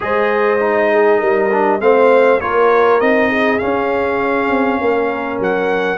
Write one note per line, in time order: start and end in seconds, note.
0.00 1.21 G#3
0.00 0.57 G#4
0.00 0.92 C5
0.00 1.80 D#5
0.60 1.50 D#4
0.92 1.19 G#4
1.19 1.80 G3
1.19 1.79 A#4
1.51 1.80 D4
1.80 2.40 A3
1.80 2.40 C4
1.80 2.41 C5
1.80 2.40 F5
2.40 3.00 A#3
2.40 3.00 F4
2.40 3.29 A#4
2.40 3.00 C#5
3.00 3.60 C4
3.00 3.59 D#4
3.00 3.58 D#5
3.29 4.79 G#4
3.58 5.97 C#4
3.58 4.50 C#4
3.58 5.38 F5
4.50 4.80 C4
4.80 5.39 A#3
4.80 5.97 A#4
5.39 5.97 F#3
5.39 5.97 F#5